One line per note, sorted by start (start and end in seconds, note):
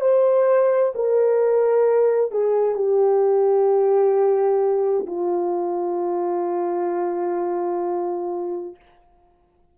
0.00 0.92 C5
0.95 2.31 A#4
2.31 2.74 G#4
2.74 5.05 G4
5.06 8.76 F4